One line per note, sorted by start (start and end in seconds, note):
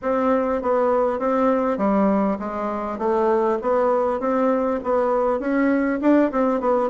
0.02 0.61 C4
0.61 1.19 B3
1.19 1.77 C4
1.77 2.37 G3
2.39 2.98 G#3
2.98 3.58 A3
3.61 4.20 B3
4.20 4.80 C4
4.83 5.39 B3
5.39 5.99 C#4
6.01 6.31 D4
6.31 6.60 C4
6.60 6.89 B3